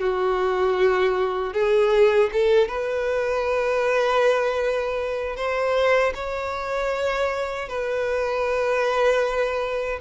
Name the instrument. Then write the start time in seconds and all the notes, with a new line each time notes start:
violin
0.00 F#4
1.54 G#4
2.33 A4
2.69 B4
5.37 C5
6.15 C#5
7.69 B4